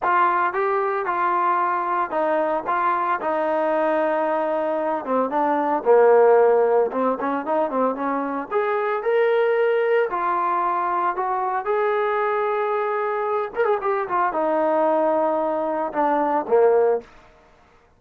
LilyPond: \new Staff \with { instrumentName = "trombone" } { \time 4/4 \tempo 4 = 113 f'4 g'4 f'2 | dis'4 f'4 dis'2~ | dis'4. c'8 d'4 ais4~ | ais4 c'8 cis'8 dis'8 c'8 cis'4 |
gis'4 ais'2 f'4~ | f'4 fis'4 gis'2~ | gis'4. ais'16 gis'16 g'8 f'8 dis'4~ | dis'2 d'4 ais4 | }